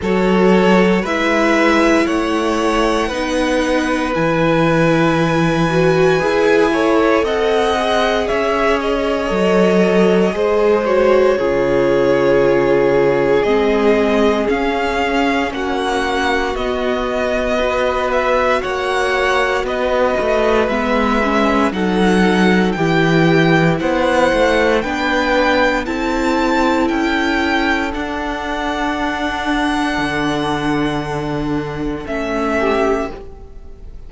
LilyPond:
<<
  \new Staff \with { instrumentName = "violin" } { \time 4/4 \tempo 4 = 58 cis''4 e''4 fis''2 | gis''2. fis''4 | e''8 dis''2 cis''4.~ | cis''4 dis''4 f''4 fis''4 |
dis''4. e''8 fis''4 dis''4 | e''4 fis''4 g''4 fis''4 | g''4 a''4 g''4 fis''4~ | fis''2. e''4 | }
  \new Staff \with { instrumentName = "violin" } { \time 4/4 a'4 b'4 cis''4 b'4~ | b'2~ b'8 cis''8 dis''4 | cis''2 c''4 gis'4~ | gis'2. fis'4~ |
fis'4 b'4 cis''4 b'4~ | b'4 a'4 g'4 c''4 | b'4 a'2.~ | a'2.~ a'8 g'8 | }
  \new Staff \with { instrumentName = "viola" } { \time 4/4 fis'4 e'2 dis'4 | e'4. fis'8 gis'8 a'4 gis'8~ | gis'4 a'4 gis'8 fis'8 f'4~ | f'4 c'4 cis'2 |
b4 fis'2. | b8 cis'8 dis'4 e'2 | d'4 e'2 d'4~ | d'2. cis'4 | }
  \new Staff \with { instrumentName = "cello" } { \time 4/4 fis4 gis4 a4 b4 | e2 e'4 c'4 | cis'4 fis4 gis4 cis4~ | cis4 gis4 cis'4 ais4 |
b2 ais4 b8 a8 | gis4 fis4 e4 b8 a8 | b4 c'4 cis'4 d'4~ | d'4 d2 a4 | }
>>